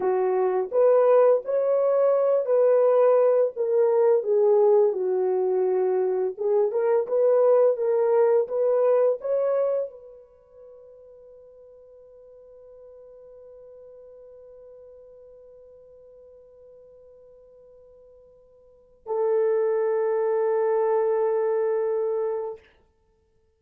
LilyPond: \new Staff \with { instrumentName = "horn" } { \time 4/4 \tempo 4 = 85 fis'4 b'4 cis''4. b'8~ | b'4 ais'4 gis'4 fis'4~ | fis'4 gis'8 ais'8 b'4 ais'4 | b'4 cis''4 b'2~ |
b'1~ | b'1~ | b'2. a'4~ | a'1 | }